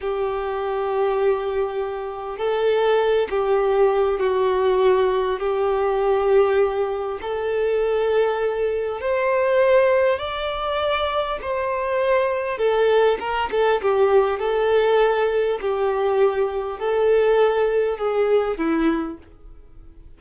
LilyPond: \new Staff \with { instrumentName = "violin" } { \time 4/4 \tempo 4 = 100 g'1 | a'4. g'4. fis'4~ | fis'4 g'2. | a'2. c''4~ |
c''4 d''2 c''4~ | c''4 a'4 ais'8 a'8 g'4 | a'2 g'2 | a'2 gis'4 e'4 | }